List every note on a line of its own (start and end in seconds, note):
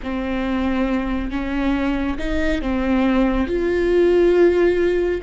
0.02 1.30 C4
1.30 2.17 C#4
2.18 2.61 D#4
2.61 3.47 C4
3.47 5.21 F4